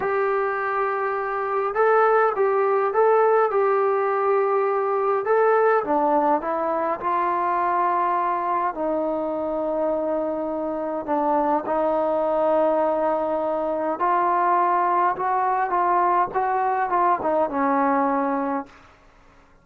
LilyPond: \new Staff \with { instrumentName = "trombone" } { \time 4/4 \tempo 4 = 103 g'2. a'4 | g'4 a'4 g'2~ | g'4 a'4 d'4 e'4 | f'2. dis'4~ |
dis'2. d'4 | dis'1 | f'2 fis'4 f'4 | fis'4 f'8 dis'8 cis'2 | }